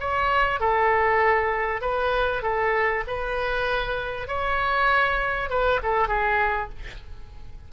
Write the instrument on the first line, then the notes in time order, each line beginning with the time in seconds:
oboe
0.00 C#5
0.60 A4
1.81 B4
2.42 A4
3.07 B4
4.28 C#5
5.49 B4
5.83 A4
6.08 G#4